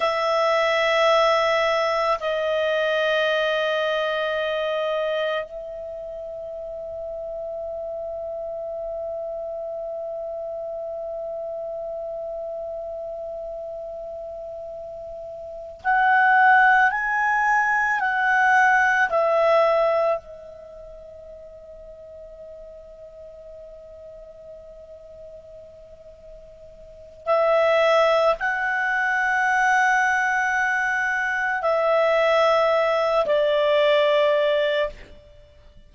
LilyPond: \new Staff \with { instrumentName = "clarinet" } { \time 4/4 \tempo 4 = 55 e''2 dis''2~ | dis''4 e''2.~ | e''1~ | e''2~ e''8 fis''4 gis''8~ |
gis''8 fis''4 e''4 dis''4.~ | dis''1~ | dis''4 e''4 fis''2~ | fis''4 e''4. d''4. | }